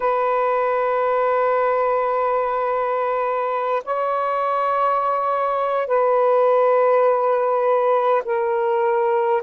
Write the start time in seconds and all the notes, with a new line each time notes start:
0.00 B4
3.84 C#5
5.87 B4
8.25 A#4